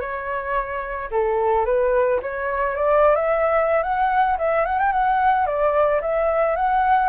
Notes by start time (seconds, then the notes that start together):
0.00 C#5
1.11 A4
1.65 B4
2.22 C#5
2.75 D5
3.15 E5
3.83 F#5
4.38 E5
4.65 F#5
4.79 G5
4.92 F#5
5.46 D5
6.01 E5
6.56 F#5